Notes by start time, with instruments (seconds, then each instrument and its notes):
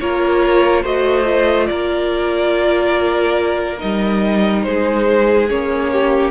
0.00 cello A#3, viola F4, violin A#4 C#5
0.82 cello A3, viola F#4, violin C5 D#5
1.24 viola F4
1.67 cello A#3, violin A#4 D5
3.78 cello G3, viola D#4, violin D#5
4.63 cello G#3, violin G#4 C5
5.49 cello A#3, viola C#4, violin C#5
5.92 violin G4